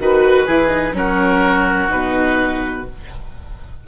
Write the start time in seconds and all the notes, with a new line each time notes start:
0.00 D#3 F#4 B4
0.46 E3 E4 G#4
0.68 D#4
0.93 F#3 C#4 F#4 A#4
1.89 B2 D#4 B4